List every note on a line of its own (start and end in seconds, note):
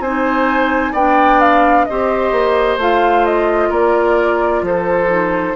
0.00 0.92 C4
0.00 0.97 D#4
0.00 0.92 C5
0.00 0.93 G#5
0.92 1.86 B3
0.92 1.89 D4
0.92 1.85 D5
0.92 1.40 G5
1.40 1.85 F5
1.85 2.31 C4
1.85 2.80 G4
1.85 3.70 C5
1.85 2.77 D#5
2.31 2.77 A#3
2.77 3.69 A3
2.77 5.08 F4
2.77 3.25 F5
3.25 3.71 D#5
3.70 4.62 A#3
3.70 4.62 A#4
3.70 4.65 D5
4.62 5.54 F3
4.62 5.56 A4
4.62 5.56 C5
5.08 5.54 D#4